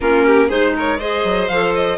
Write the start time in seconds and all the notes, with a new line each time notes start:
0.00 A#3 C#4 F4 A#4
0.26 G4
0.48 G#3 D#4 G#4 C5
0.75 A#4 C#5
0.98 G#4 C5 D#5
1.23 F#3
1.47 F3 A4 F5
1.75 D#5